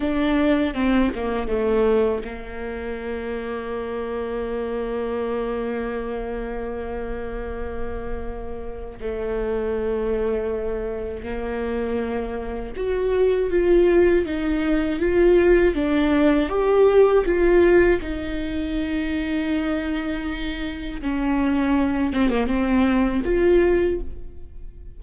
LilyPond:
\new Staff \with { instrumentName = "viola" } { \time 4/4 \tempo 4 = 80 d'4 c'8 ais8 a4 ais4~ | ais1~ | ais1 | a2. ais4~ |
ais4 fis'4 f'4 dis'4 | f'4 d'4 g'4 f'4 | dis'1 | cis'4. c'16 ais16 c'4 f'4 | }